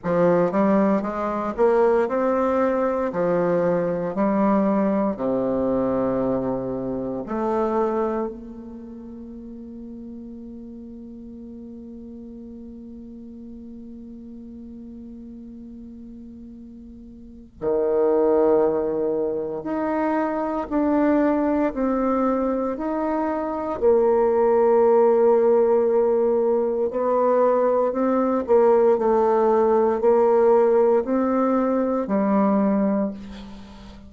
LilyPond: \new Staff \with { instrumentName = "bassoon" } { \time 4/4 \tempo 4 = 58 f8 g8 gis8 ais8 c'4 f4 | g4 c2 a4 | ais1~ | ais1~ |
ais4 dis2 dis'4 | d'4 c'4 dis'4 ais4~ | ais2 b4 c'8 ais8 | a4 ais4 c'4 g4 | }